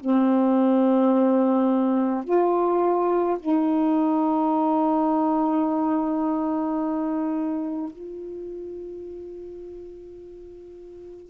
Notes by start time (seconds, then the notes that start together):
0.00 C4
2.25 F4
3.40 D#4
7.92 F4